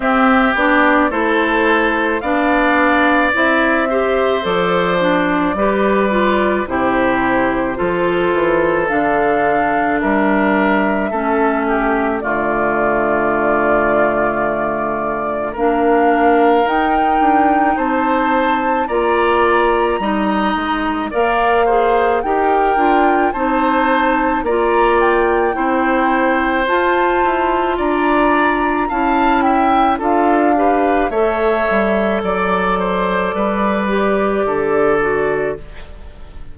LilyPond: <<
  \new Staff \with { instrumentName = "flute" } { \time 4/4 \tempo 4 = 54 e''8 d''8 c''4 f''4 e''4 | d''2 c''2 | f''4 e''2 d''4~ | d''2 f''4 g''4 |
a''4 ais''2 f''4 | g''4 a''4 ais''8 g''4. | a''4 ais''4 a''8 g''8 f''4 | e''4 d''2. | }
  \new Staff \with { instrumentName = "oboe" } { \time 4/4 g'4 a'4 d''4. c''8~ | c''4 b'4 g'4 a'4~ | a'4 ais'4 a'8 g'8 f'4~ | f'2 ais'2 |
c''4 d''4 dis''4 d''8 c''8 | ais'4 c''4 d''4 c''4~ | c''4 d''4 f''8 e''8 a'8 b'8 | cis''4 d''8 c''8 b'4 a'4 | }
  \new Staff \with { instrumentName = "clarinet" } { \time 4/4 c'8 d'8 e'4 d'4 e'8 g'8 | a'8 d'8 g'8 f'8 e'4 f'4 | d'2 cis'4 a4~ | a2 d'4 dis'4~ |
dis'4 f'4 dis'4 ais'8 gis'8 | g'8 f'8 dis'4 f'4 e'4 | f'2 e'4 f'8 g'8 | a'2~ a'8 g'4 fis'8 | }
  \new Staff \with { instrumentName = "bassoon" } { \time 4/4 c'8 b8 a4 b4 c'4 | f4 g4 c4 f8 e8 | d4 g4 a4 d4~ | d2 ais4 dis'8 d'8 |
c'4 ais4 g8 gis8 ais4 | dis'8 d'8 c'4 ais4 c'4 | f'8 e'8 d'4 cis'4 d'4 | a8 g8 fis4 g4 d4 | }
>>